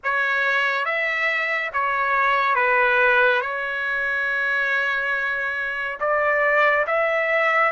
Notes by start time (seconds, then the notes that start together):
0.03 C#5
0.85 E5
1.73 C#5
2.55 B4
3.41 C#5
6.00 D5
6.86 E5